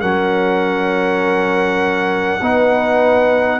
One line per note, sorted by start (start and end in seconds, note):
0.00 2.41 F#3
0.00 2.40 C#4
0.00 2.40 A#4
0.00 3.59 F#5
2.41 3.59 B3
2.41 3.59 D#4
2.41 3.59 B4